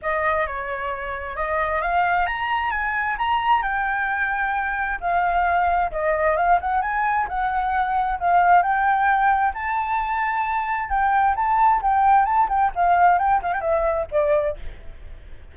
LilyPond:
\new Staff \with { instrumentName = "flute" } { \time 4/4 \tempo 4 = 132 dis''4 cis''2 dis''4 | f''4 ais''4 gis''4 ais''4 | g''2. f''4~ | f''4 dis''4 f''8 fis''8 gis''4 |
fis''2 f''4 g''4~ | g''4 a''2. | g''4 a''4 g''4 a''8 g''8 | f''4 g''8 f''16 g''16 e''4 d''4 | }